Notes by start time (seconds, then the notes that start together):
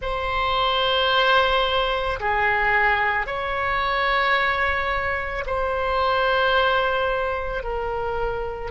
0.01 C5
2.20 G#4
3.26 C#5
5.46 C5
7.63 A#4